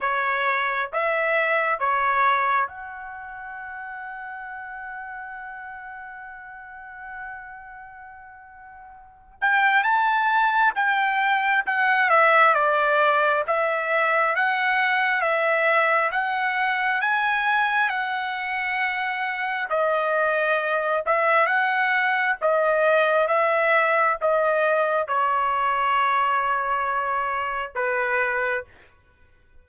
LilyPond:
\new Staff \with { instrumentName = "trumpet" } { \time 4/4 \tempo 4 = 67 cis''4 e''4 cis''4 fis''4~ | fis''1~ | fis''2~ fis''8 g''8 a''4 | g''4 fis''8 e''8 d''4 e''4 |
fis''4 e''4 fis''4 gis''4 | fis''2 dis''4. e''8 | fis''4 dis''4 e''4 dis''4 | cis''2. b'4 | }